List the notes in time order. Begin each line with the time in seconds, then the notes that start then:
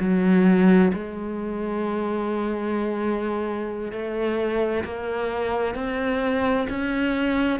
0.00 F#3
0.94 G#3
3.92 A3
4.85 A#3
5.75 C4
6.70 C#4